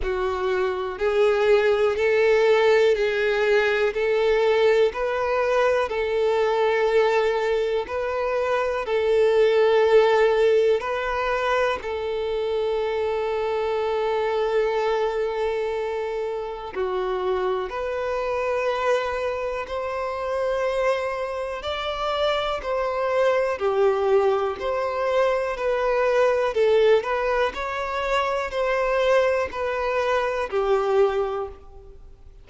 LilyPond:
\new Staff \with { instrumentName = "violin" } { \time 4/4 \tempo 4 = 61 fis'4 gis'4 a'4 gis'4 | a'4 b'4 a'2 | b'4 a'2 b'4 | a'1~ |
a'4 fis'4 b'2 | c''2 d''4 c''4 | g'4 c''4 b'4 a'8 b'8 | cis''4 c''4 b'4 g'4 | }